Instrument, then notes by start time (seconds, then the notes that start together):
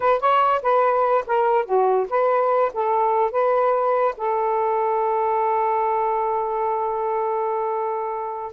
saxophone
0.00 B4
0.20 C#5
0.62 B4
1.26 A#4
1.65 F#4
2.09 B4
2.73 A4
3.31 B4
4.17 A4